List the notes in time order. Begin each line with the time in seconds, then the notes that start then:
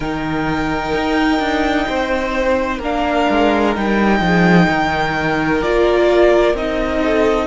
0.00 D#3 D#4 A#4 G5
0.94 D#4
1.39 D4
1.88 C4 C5
2.78 A#3 D4 A#4 F5
3.29 G#3
3.74 G3 D#4 G5
4.20 F3 G#4
4.68 D#3 A#4
5.62 A#3 F4 D5
6.53 C4 D#4 D#5
7.03 A4